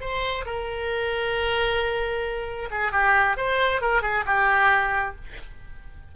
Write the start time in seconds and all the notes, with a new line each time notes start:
0.00 C5
0.45 A#4
2.70 G#4
2.92 G4
3.36 C5
3.81 A#4
4.02 G#4
4.26 G4